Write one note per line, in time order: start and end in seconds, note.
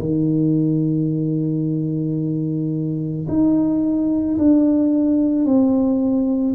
0.00 3.27 D#3
3.28 4.37 D#4
4.38 5.45 D4
5.45 6.55 C4